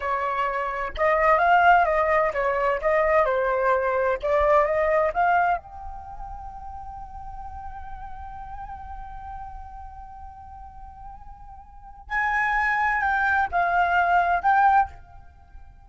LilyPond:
\new Staff \with { instrumentName = "flute" } { \time 4/4 \tempo 4 = 129 cis''2 dis''4 f''4 | dis''4 cis''4 dis''4 c''4~ | c''4 d''4 dis''4 f''4 | g''1~ |
g''1~ | g''1~ | g''2 gis''2 | g''4 f''2 g''4 | }